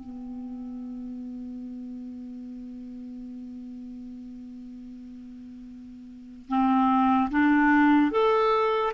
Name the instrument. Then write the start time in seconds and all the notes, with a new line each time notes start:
clarinet
0.00 B3
6.48 C4
7.30 D4
8.11 A4